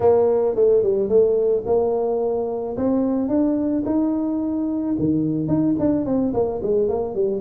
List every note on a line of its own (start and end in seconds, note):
0.00 0.55 A#3
0.55 0.82 A3
0.82 1.08 G3
1.08 1.63 A3
1.66 2.76 A#3
2.76 3.28 C4
3.28 3.83 D4
3.85 4.95 D#4
4.98 5.47 D#3
5.47 5.75 D#4
5.79 6.06 D4
6.06 6.33 C4
6.33 6.61 A#3
6.62 6.88 G#3
6.88 7.15 A#3
7.15 7.41 G3